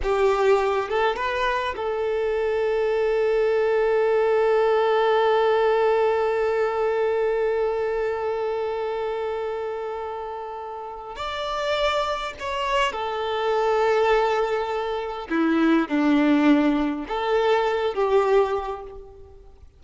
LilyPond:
\new Staff \with { instrumentName = "violin" } { \time 4/4 \tempo 4 = 102 g'4. a'8 b'4 a'4~ | a'1~ | a'1~ | a'1~ |
a'2. d''4~ | d''4 cis''4 a'2~ | a'2 e'4 d'4~ | d'4 a'4. g'4. | }